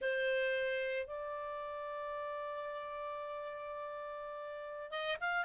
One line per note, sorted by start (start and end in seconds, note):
0.01 1.06 C5
1.06 4.90 D5
4.90 5.17 D#5
5.20 5.45 F5